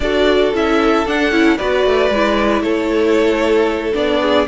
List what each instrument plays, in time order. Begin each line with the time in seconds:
0.00 cello D4, viola F#4, violin A4 D5
0.53 cello C#4, viola E4, violin E5
1.06 viola D4, cello D4, violin F#5
1.30 cello C#4, viola E4
1.57 cello B3, viola F#4, violin B4 D5
1.86 cello A3
2.10 cello G#3, viola E4
2.61 cello A3, violin A4 C#5
3.93 cello B3, viola D4, violin D5
4.21 violin G#4